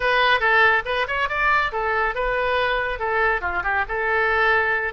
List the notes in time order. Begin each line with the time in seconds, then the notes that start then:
0.00 B4
0.40 A4
0.85 B4
1.07 C#5
1.28 D5
1.71 A4
2.14 B4
2.99 A4
3.41 F4
3.63 G4
3.88 A4